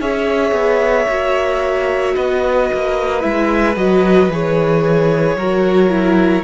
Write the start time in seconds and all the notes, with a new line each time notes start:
0.00 C#4 G#4 C#5 E5
0.52 B3
1.08 A#3 F#4
2.15 B3 B4 D#5
2.73 A#3
3.21 G#3 E4 E5
3.76 F#3 F#4 D#5
4.29 E3 G#4 C#5
5.36 F#3 F#4 A#4
5.90 E4